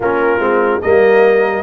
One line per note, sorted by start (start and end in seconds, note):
0.00 0.39 A#3
0.00 0.39 C#4
0.00 0.82 F4
0.00 0.81 A#4
0.39 0.80 G#3
0.39 0.80 C4
0.81 1.62 G3
0.81 1.62 A#3
0.81 1.62 A#4
0.81 1.62 D#5